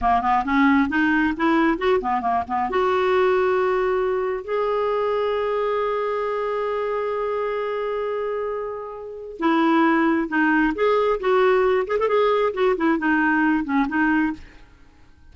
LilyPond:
\new Staff \with { instrumentName = "clarinet" } { \time 4/4 \tempo 4 = 134 ais8 b8 cis'4 dis'4 e'4 | fis'8 b8 ais8 b8 fis'2~ | fis'2 gis'2~ | gis'1~ |
gis'1~ | gis'4 e'2 dis'4 | gis'4 fis'4. gis'16 a'16 gis'4 | fis'8 e'8 dis'4. cis'8 dis'4 | }